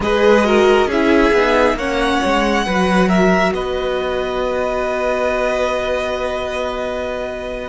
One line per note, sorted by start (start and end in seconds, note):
0.00 0.86 G#3
0.00 0.43 G#4
0.00 0.46 B4
0.00 0.90 D#5
0.43 0.87 F#4
0.43 0.87 A#4
0.86 1.31 C#4
0.86 1.36 E4
0.86 1.75 G#4
0.86 1.78 E5
1.32 1.74 B3
1.32 1.79 D#4
1.74 2.18 A#3
1.74 2.66 C#4
1.74 2.65 C#5
1.74 3.08 F#5
2.25 2.66 G#3
2.65 3.52 F#3
2.65 7.68 F#4
2.65 3.08 B4
3.08 3.52 A#4
3.08 3.53 E5
3.52 7.68 B3
3.52 7.68 B4
3.52 7.68 D#5